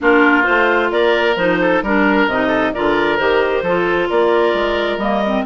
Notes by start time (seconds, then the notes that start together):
0.00 A#3 D4 F4 A#4
0.43 A3 F4 C5
0.91 A#3 A#4 D5
1.36 F3 D#4 C5
1.60 A4
1.82 G3 D4 A#4
2.27 C3 D#4 D#5
2.47 A4
2.73 D3 F4 A#4 D5
3.17 D#3 G4 C5
3.62 F3 F4 A4
4.08 A#3 A#4 D5
4.53 G#3
4.97 G3 A#3 D#5
5.26 C4